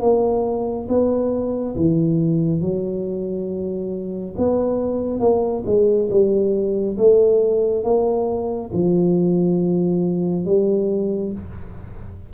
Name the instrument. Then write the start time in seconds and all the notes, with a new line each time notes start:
tuba
0.00 A#3
0.88 B3
1.75 E3
2.60 F#3
4.37 B3
5.19 A#3
5.65 G#3
6.10 G3
6.97 A3
7.83 A#3
8.73 F3
10.45 G3